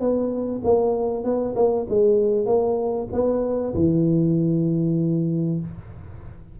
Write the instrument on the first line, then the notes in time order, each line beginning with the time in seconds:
tuba
0.00 B3
0.64 A#3
1.24 B3
1.55 A#3
1.89 G#3
2.46 A#3
3.12 B3
3.74 E3